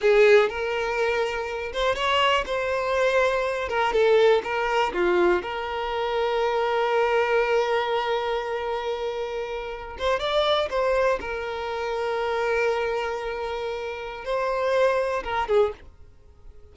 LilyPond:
\new Staff \with { instrumentName = "violin" } { \time 4/4 \tempo 4 = 122 gis'4 ais'2~ ais'8 c''8 | cis''4 c''2~ c''8 ais'8 | a'4 ais'4 f'4 ais'4~ | ais'1~ |
ais'1~ | ais'16 c''8 d''4 c''4 ais'4~ ais'16~ | ais'1~ | ais'4 c''2 ais'8 gis'8 | }